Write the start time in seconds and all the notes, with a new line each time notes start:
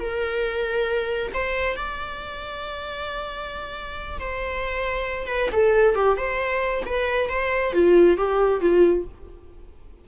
0.00 A#4
1.34 C5
1.76 D5
4.20 C5
5.27 B4
5.52 A4
5.95 G4
6.17 C5
6.86 B4
7.30 C5
7.73 F4
8.18 G4
8.61 F4